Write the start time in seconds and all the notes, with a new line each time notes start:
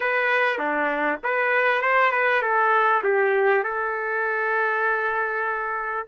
0.00 B4
0.58 D4
1.23 B4
1.81 C5
2.11 B4
2.42 A4
3.03 G4
3.63 A4